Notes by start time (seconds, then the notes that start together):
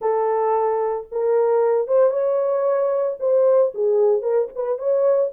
0.01 A4
1.11 A#4
1.87 C5
2.10 C#5
3.19 C5
3.74 G#4
4.21 A#4
4.55 B4
4.78 C#5